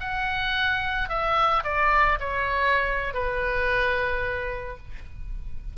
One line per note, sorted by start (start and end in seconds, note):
0.00 1.09 F#5
1.09 1.63 E5
1.64 2.18 D5
2.20 3.14 C#5
3.14 4.77 B4